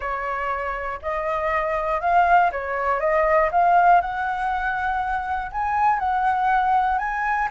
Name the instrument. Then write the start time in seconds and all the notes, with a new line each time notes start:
flute
0.00 C#5
1.01 D#5
2.00 F5
2.51 C#5
3.00 D#5
3.51 F5
4.01 F#5
5.51 G#5
5.99 F#5
6.98 G#5